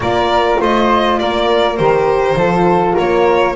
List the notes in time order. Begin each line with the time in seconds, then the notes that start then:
0.00 A#3 F4 A#4 D5
0.60 A3 C5 D#5
1.19 A#3 A#4 D5
1.76 D#3 G4 C5
2.34 F3 F4 A4
2.94 A#3 A#4 C#5